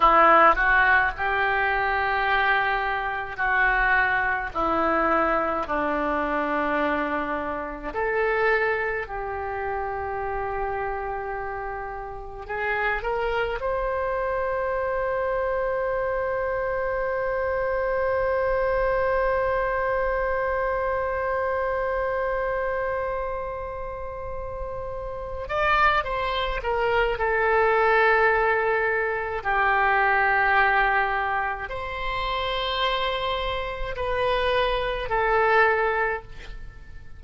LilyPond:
\new Staff \with { instrumentName = "oboe" } { \time 4/4 \tempo 4 = 53 e'8 fis'8 g'2 fis'4 | e'4 d'2 a'4 | g'2. gis'8 ais'8 | c''1~ |
c''1~ | c''2~ c''8 d''8 c''8 ais'8 | a'2 g'2 | c''2 b'4 a'4 | }